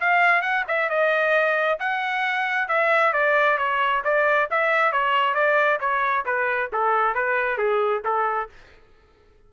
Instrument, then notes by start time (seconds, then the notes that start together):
trumpet
0.00 F5
0.42 F#5
0.68 E5
0.89 D#5
1.79 F#5
2.68 E5
3.13 D5
3.58 C#5
4.04 D5
4.50 E5
4.92 C#5
5.34 D5
5.80 C#5
6.25 B4
6.72 A4
7.14 B4
7.58 G#4
8.04 A4